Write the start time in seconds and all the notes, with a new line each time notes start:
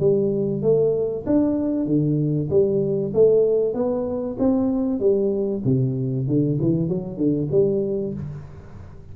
0.00 G3
0.62 A3
1.26 D4
1.86 D3
2.50 G3
3.14 A3
3.74 B3
4.39 C4
5.00 G3
5.65 C3
6.27 D3
6.61 E3
6.88 F#3
7.17 D3
7.51 G3